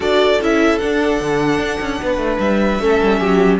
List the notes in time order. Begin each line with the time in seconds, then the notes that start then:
0.00 D4 F#4 A4 D5
0.40 C#4 E4 E5
0.78 D4 F#5
1.20 D3
1.58 D4
1.80 C#4
2.02 B3 B4
2.17 A3
2.39 G3 E5
2.79 A3 C#4 A4
3.02 G3
3.19 F#3 G4